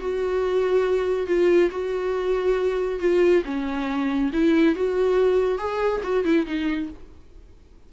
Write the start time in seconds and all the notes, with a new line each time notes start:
0.00 F#4
1.27 F4
1.71 F#4
3.00 F4
3.45 C#4
4.33 E4
4.75 F#4
5.58 G#4
6.03 F#4
6.24 E4
6.46 D#4